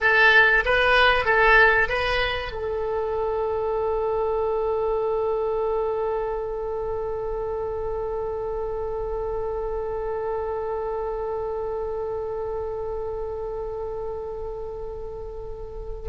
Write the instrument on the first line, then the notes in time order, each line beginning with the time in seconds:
oboe
0.00 A4
0.65 B4
1.25 A4
1.89 B4
2.51 A4